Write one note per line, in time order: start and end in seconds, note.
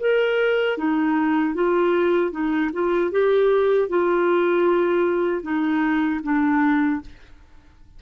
0.00 0.78 A#4
0.78 1.55 D#4
1.55 2.32 F4
2.32 2.71 D#4
2.73 3.12 F4
3.12 3.89 G4
3.89 5.43 F4
5.43 6.21 D#4
6.24 7.02 D4